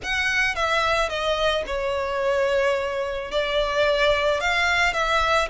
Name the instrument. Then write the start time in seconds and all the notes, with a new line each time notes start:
violin
0.03 F#5
0.55 E5
1.09 D#5
1.66 C#5
3.31 D5
4.40 F5
4.93 E5